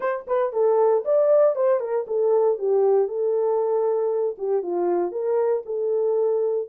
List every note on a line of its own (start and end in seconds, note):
0.00 0.26 C5
0.27 0.52 B4
0.52 1.04 A4
1.04 1.55 D5
1.55 1.80 C5
1.80 2.05 A#4
2.07 2.58 A4
2.58 3.07 G4
3.07 4.36 A4
4.38 4.62 G4
4.62 5.11 F4
5.11 5.62 A#4
5.65 6.68 A4